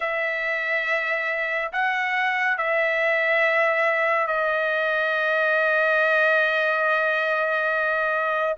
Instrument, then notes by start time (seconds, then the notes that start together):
trumpet
0.00 E5
1.72 F#5
2.57 E5
4.27 D#5